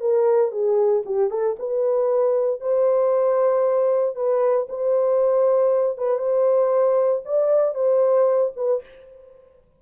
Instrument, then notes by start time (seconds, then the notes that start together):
horn
0.00 A#4
0.51 G#4
1.05 G4
1.30 A4
1.58 B4
2.60 C5
4.15 B4
4.69 C5
5.97 B4
6.18 C5
7.25 D5
7.74 C5
8.56 B4